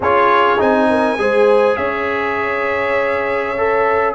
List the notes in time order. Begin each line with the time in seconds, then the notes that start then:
0.00 C#4 F4 G#4 C#5
0.57 C4 D#4 G#5
0.89 A#4
1.18 G#3 G#4 C5
1.76 C#4 C#5 E5
3.57 A4